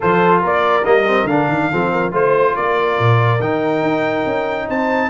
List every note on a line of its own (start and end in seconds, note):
0.00 0.43 F3
0.00 0.83 F4
0.00 0.40 A4
0.00 0.43 C5
0.40 0.86 A#3
0.40 1.68 A#4
0.40 0.84 D5
0.83 1.23 G3
0.83 1.04 A#3
0.83 1.27 D#5
1.07 1.28 C4
1.23 1.45 D3
1.23 1.71 D4
1.23 2.12 F5
1.48 1.69 D#3
1.71 2.12 F3
1.71 2.11 C4
1.71 1.91 A4
1.91 2.12 A#4
2.11 2.54 A3
2.11 3.39 F4
2.11 2.55 C5
2.11 2.56 C5
2.56 2.99 A#3
2.56 4.67 A#4
2.56 3.41 D5
2.99 3.40 A#2
3.40 3.82 D#3
3.40 5.09 D#4
3.40 4.69 G5
3.82 4.24 D#4
4.26 4.68 C#4
4.67 5.09 C4
4.67 5.09 C5
4.67 5.09 A5